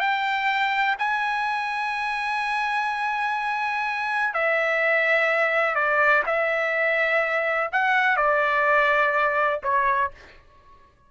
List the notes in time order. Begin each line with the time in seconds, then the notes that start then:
0.00 G5
0.99 G#5
4.34 E5
5.75 D5
6.26 E5
7.72 F#5
8.17 D5
9.63 C#5